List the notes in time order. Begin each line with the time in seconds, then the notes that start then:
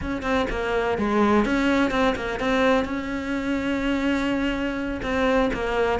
0.01 C#4
0.22 C4
0.50 A#3
0.98 G#3
1.45 C#4
1.90 C4
2.15 A#3
2.39 C4
2.85 C#4
5.02 C4
5.53 A#3